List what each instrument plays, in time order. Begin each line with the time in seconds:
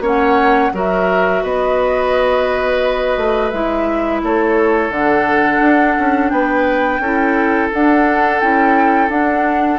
0.00 bassoon A#3, clarinet C#4, oboe C#5, flute F#5
0.74 bassoon F#3, clarinet F#4, oboe A#4, flute E5
1.43 bassoon B3, oboe B4, flute D#5
3.17 bassoon A3
3.50 bassoon G#3, clarinet E4, flute E5
4.23 bassoon A3, oboe A4, flute C#5
4.90 bassoon D3, clarinet D4, flute F#5
5.61 bassoon D4
5.99 bassoon C#4
6.30 bassoon B3, oboe B4, flute G5
7.00 bassoon C#4, clarinet E4, oboe A4
7.72 clarinet D4, bassoon D4, flute F#5
8.41 bassoon C#4, clarinet E4, flute G5
9.09 bassoon D4, clarinet D4, flute F#5